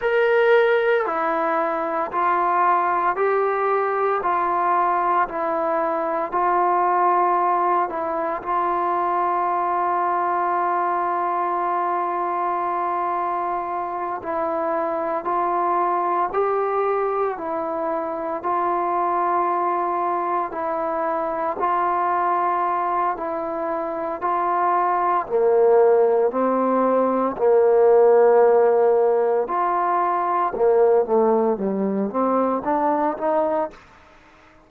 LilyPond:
\new Staff \with { instrumentName = "trombone" } { \time 4/4 \tempo 4 = 57 ais'4 e'4 f'4 g'4 | f'4 e'4 f'4. e'8 | f'1~ | f'4. e'4 f'4 g'8~ |
g'8 e'4 f'2 e'8~ | e'8 f'4. e'4 f'4 | ais4 c'4 ais2 | f'4 ais8 a8 g8 c'8 d'8 dis'8 | }